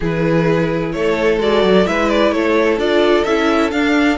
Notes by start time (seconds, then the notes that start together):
0.00 E3 E4 G#4 B4
0.92 A3 A4 C#5
1.40 G#3 F#4 D5
1.63 F#3
1.86 G#3 E4 B4 E5
2.09 D5
2.31 A3 A4 C#5
2.77 D4 F4 D5
3.23 C#4 E4 E5
3.71 D4 F5